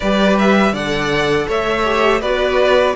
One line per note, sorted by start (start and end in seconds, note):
0.00 0.72 G3
0.00 0.74 G4
0.00 0.72 B4
0.00 0.37 D5
0.39 0.74 E5
0.72 1.46 D3
0.72 1.84 A4
0.72 1.46 D5
0.72 1.48 F#5
1.47 2.21 A3
1.47 2.21 C#5
1.47 2.21 E5
1.84 2.21 G4
2.21 2.95 B3
2.21 2.96 F#4
2.21 2.95 B4
2.21 2.95 D5